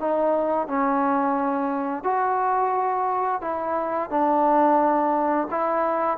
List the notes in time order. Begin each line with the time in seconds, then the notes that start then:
0.00 D#4
0.68 C#4
2.04 F#4
3.41 E4
4.10 D4
5.51 E4